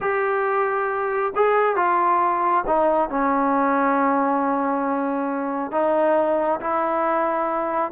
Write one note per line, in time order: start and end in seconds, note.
0.00 1.33 G4
1.35 1.76 G#4
1.76 2.64 F4
2.66 3.09 D#4
3.09 5.71 C#4
5.71 6.60 D#4
6.60 7.91 E4